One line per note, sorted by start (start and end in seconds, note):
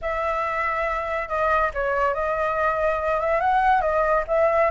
0.01 1.28 E5
1.28 1.71 D#5
1.74 2.14 C#5
2.14 3.20 D#5
3.20 3.40 E5
3.40 3.81 F#5
3.81 4.23 D#5
4.27 4.70 E5